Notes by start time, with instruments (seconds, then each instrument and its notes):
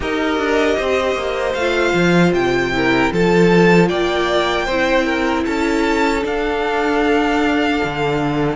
0.00 cello D#4, viola G4, violin A#4 D#5
0.38 cello D4
0.76 cello C4, violin C5
1.14 cello A#3
1.54 cello A3, viola F4, violin F5
1.93 cello F3
2.31 cello C3, violin G5
2.73 viola E4, violin A#4
3.12 cello F3, viola F4, violin A4 A5
3.88 cello A#3, violin D5 G5
4.65 cello C4, viola E4, violin C5
5.04 violin A#4
5.45 cello C#4, violin A4 A5
6.21 viola D4, cello D4, violin F5
7.83 cello D3